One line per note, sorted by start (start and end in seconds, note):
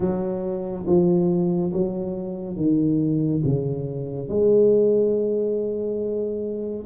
0.00 0.85 F#3
0.86 1.71 F3
1.72 2.56 F#3
2.56 3.42 D#3
3.44 4.28 C#3
4.28 6.85 G#3